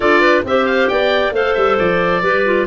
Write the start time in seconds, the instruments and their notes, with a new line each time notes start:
0.00 tuba D4, clarinet F4 A4, oboe D5
0.20 clarinet B4
0.44 tuba C4, clarinet G4 C5, oboe E5
0.65 oboe F5
0.88 tuba B3, clarinet D5, oboe G5
1.31 tuba A3, clarinet A4 C5, oboe F5
1.54 tuba G3, oboe E5
1.78 tuba F3, oboe D5
2.22 tuba G3, clarinet G4 B4
2.45 clarinet F4